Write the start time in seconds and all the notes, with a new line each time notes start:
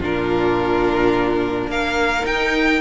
0.00 A#2 D4 F4 A#4
1.67 A#3 A#4 F5
2.21 D#4 G5